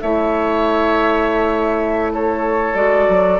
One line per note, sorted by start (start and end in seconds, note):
0.00 2.74 A3
0.00 2.75 E4
0.00 2.13 C#5
0.00 2.12 E5
2.12 3.39 A4
2.12 2.75 C#5
2.74 3.07 G#3
2.74 3.39 F#4
2.74 3.39 D5
3.08 3.39 F#3